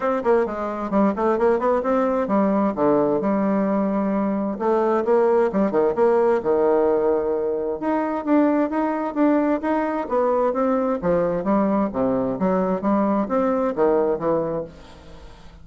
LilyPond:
\new Staff \with { instrumentName = "bassoon" } { \time 4/4 \tempo 4 = 131 c'8 ais8 gis4 g8 a8 ais8 b8 | c'4 g4 d4 g4~ | g2 a4 ais4 | g8 dis8 ais4 dis2~ |
dis4 dis'4 d'4 dis'4 | d'4 dis'4 b4 c'4 | f4 g4 c4 fis4 | g4 c'4 dis4 e4 | }